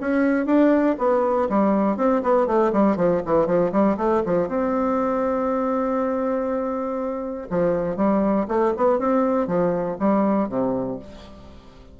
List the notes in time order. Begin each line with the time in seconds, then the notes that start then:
0.00 C#4
0.45 D4
0.98 B3
1.49 G3
1.96 C4
2.22 B3
2.46 A3
2.73 G3
2.96 F3
3.25 E3
3.46 F3
3.71 G3
3.97 A3
4.25 F3
4.48 C4
7.49 F3
7.96 G3
8.48 A3
8.76 B3
8.98 C4
9.47 F3
9.99 G3
10.48 C3